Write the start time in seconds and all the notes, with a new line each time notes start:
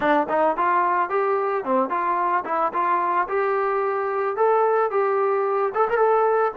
0.00 D4
0.29 D#4
0.57 F4
1.09 G4
1.64 C4
1.89 F4
2.44 E4
2.73 F4
3.28 G4
4.36 A4
4.90 G4
5.74 A4
5.89 A#4
5.97 A4